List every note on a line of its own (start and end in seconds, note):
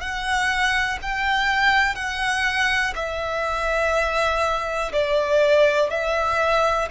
0.00 0.98 F#5
1.01 1.95 G5
1.95 2.93 F#5
2.95 4.91 E5
4.92 5.90 D5
5.90 6.88 E5